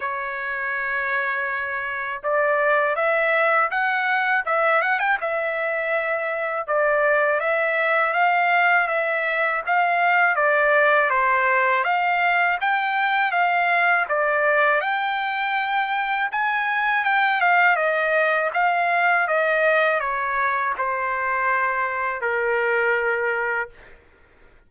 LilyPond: \new Staff \with { instrumentName = "trumpet" } { \time 4/4 \tempo 4 = 81 cis''2. d''4 | e''4 fis''4 e''8 fis''16 g''16 e''4~ | e''4 d''4 e''4 f''4 | e''4 f''4 d''4 c''4 |
f''4 g''4 f''4 d''4 | g''2 gis''4 g''8 f''8 | dis''4 f''4 dis''4 cis''4 | c''2 ais'2 | }